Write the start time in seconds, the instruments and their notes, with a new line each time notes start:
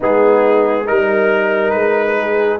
0.00 tuba G#3, trombone B3, horn D#4, trumpet G#4
0.85 tuba G3, trombone D#4, trumpet A#4, horn A#4
1.70 tuba G#3, trumpet B4
2.18 horn G#4